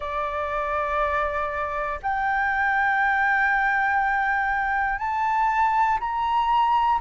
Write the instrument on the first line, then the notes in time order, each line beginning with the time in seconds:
flute
0.00 D5
2.02 G5
4.99 A5
6.00 A#5